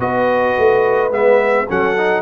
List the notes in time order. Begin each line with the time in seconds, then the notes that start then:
0.00 B3 F#4 B4 D#5
0.59 A3
1.11 G#3 B3 E5
1.69 F#3 C#4 A4 F#5
1.98 D#4